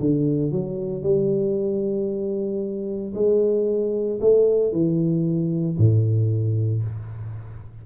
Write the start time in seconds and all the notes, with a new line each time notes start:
0.00 D3
0.52 F#3
1.03 G3
3.15 G#3
4.21 A3
4.72 E3
5.78 A2